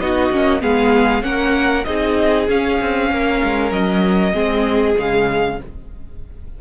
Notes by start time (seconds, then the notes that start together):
0.00 B3 D#4 F#4 D#5
0.32 A#3 C#4
0.61 G#3 B3 G#4 F5
1.22 A#3 C#4 A#4 F#5
1.85 C4 D#4 G#4 D#5
2.49 C#4 F5
2.81 C4
3.11 A#3 A#4
3.44 G#3
3.72 F#3 D#5
4.34 G#3 C4 G#4
4.97 C#3 G#3 F5